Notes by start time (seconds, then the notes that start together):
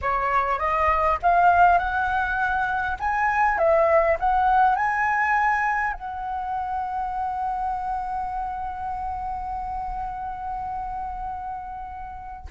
0.01 C#5
0.58 D#5
1.22 F5
1.78 F#5
2.99 G#5
3.58 E5
4.19 F#5
4.75 G#5
5.93 F#5